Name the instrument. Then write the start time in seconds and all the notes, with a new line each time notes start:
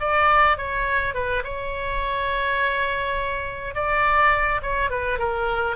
oboe
0.00 D5
0.57 C#5
1.14 B4
1.44 C#5
3.74 D5
4.62 C#5
4.90 B4
5.19 A#4